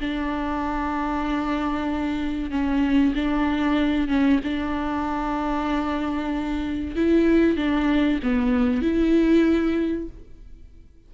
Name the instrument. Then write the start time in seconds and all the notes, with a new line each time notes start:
viola
0.00 D4
2.50 C#4
3.15 D4
4.08 C#4
4.44 D4
6.96 E4
7.56 D4
8.23 B3
8.82 E4